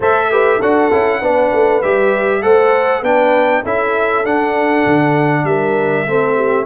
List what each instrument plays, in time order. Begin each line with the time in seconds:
0.00 tuba A3, trombone A4, horn C5, trumpet E5
0.31 trombone G4, horn B4
0.59 tuba D4, trombone F#4, horn A4, trumpet F#5
0.91 tuba C#4, trombone E4
1.21 tuba B3, trombone D4, horn B4
1.52 tuba A3
1.81 tuba G3, trombone G4, trumpet E5
2.42 tuba A3, trombone A4, horn C5, trumpet F#5
3.01 tuba B3, trombone D4, horn B4, trumpet G5
3.63 tuba C#4, trombone E4, horn A4, trumpet E5
4.24 tuba D4, trombone D4, trumpet F#5
4.85 tuba D3
5.44 tuba G3, horn A#4, trumpet E5
6.06 tuba A3, trombone C4, horn A4
6.35 horn G4